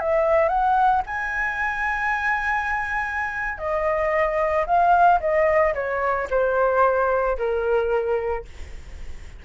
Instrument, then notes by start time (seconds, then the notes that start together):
flute
0.00 E5
0.49 F#5
1.06 G#5
3.59 D#5
4.66 F5
5.21 D#5
5.75 C#5
6.31 C5
7.38 A#4